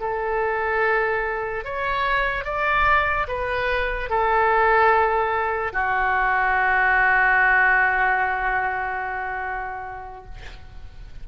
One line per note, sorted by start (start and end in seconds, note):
0.00 1.64 A4
1.64 2.45 C#5
2.45 3.27 D5
3.28 4.10 B4
4.10 5.73 A4
5.73 10.25 F#4